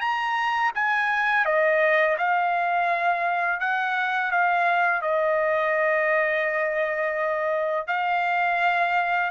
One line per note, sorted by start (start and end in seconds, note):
0.00 0.71 A#5
0.75 1.45 G#5
1.45 2.17 D#5
2.18 3.60 F5
3.60 4.31 F#5
4.31 5.01 F5
5.01 7.87 D#5
7.87 9.30 F5